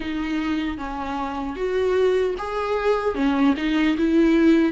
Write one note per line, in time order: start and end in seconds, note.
0.00 0.77 D#4
0.77 1.56 C#4
1.56 2.35 F#4
2.38 3.14 G#4
3.14 3.54 C#4
3.56 3.96 D#4
3.97 4.72 E4